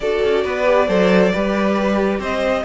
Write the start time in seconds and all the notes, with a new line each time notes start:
0.00 D4 F#4 A4 D5
0.23 C#4
0.44 B3 B4
0.65 G4
0.87 F#3 A4 C5
1.32 G3 G4 B4
2.19 C4 C5 D#5